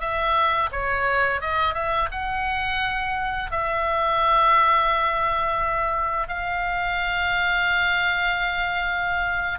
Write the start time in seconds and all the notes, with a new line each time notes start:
0.00 E5
0.72 C#5
1.41 D#5
1.74 E5
2.11 F#5
3.51 E5
6.28 F5